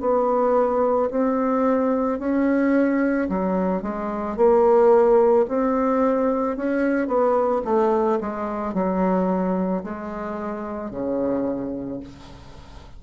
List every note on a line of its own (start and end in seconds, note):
0.00 1.09 B3
1.11 2.19 C4
2.19 3.28 C#4
3.29 3.82 F#3
3.82 4.36 G#3
4.36 5.45 A#3
5.48 6.56 C4
6.56 7.07 C#4
7.07 7.62 B3
7.64 8.19 A3
8.21 8.73 G#3
8.73 9.82 F#3
9.83 10.90 G#3
10.90 12.00 C#3